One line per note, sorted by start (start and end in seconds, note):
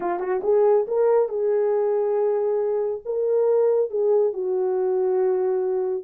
0.00 0.19 F4
0.19 0.41 F#4
0.43 0.86 G#4
0.87 1.29 A#4
1.29 3.01 G#4
3.05 3.90 A#4
3.90 4.33 G#4
4.33 6.04 F#4